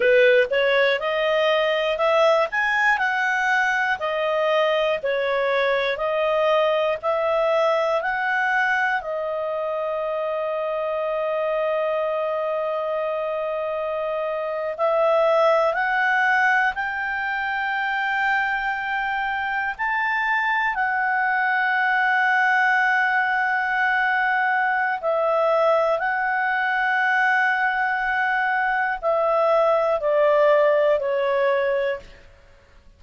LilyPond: \new Staff \with { instrumentName = "clarinet" } { \time 4/4 \tempo 4 = 60 b'8 cis''8 dis''4 e''8 gis''8 fis''4 | dis''4 cis''4 dis''4 e''4 | fis''4 dis''2.~ | dis''2~ dis''8. e''4 fis''16~ |
fis''8. g''2. a''16~ | a''8. fis''2.~ fis''16~ | fis''4 e''4 fis''2~ | fis''4 e''4 d''4 cis''4 | }